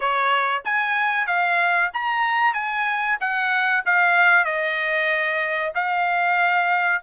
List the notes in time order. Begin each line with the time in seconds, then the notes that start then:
0.00 C#5
0.64 G#5
1.26 F5
1.93 A#5
2.53 G#5
3.20 F#5
3.85 F5
4.44 D#5
5.74 F5